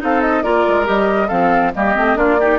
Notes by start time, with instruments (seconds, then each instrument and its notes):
0.00 bassoon C4, clarinet D#4, oboe A4, flute F5
0.21 flute D#5
0.43 bassoon A#3, clarinet F4, oboe A#4, flute D5
0.67 bassoon G#3
0.85 bassoon G3, clarinet G4, flute D#5
1.28 bassoon F3, clarinet C4, oboe A4, flute F5
1.74 bassoon G3, clarinet A#3, oboe G4, flute D#5
1.95 bassoon A3, clarinet C4
2.16 bassoon A#3, clarinet D4, oboe F4, flute D5
2.40 clarinet D#4, oboe G4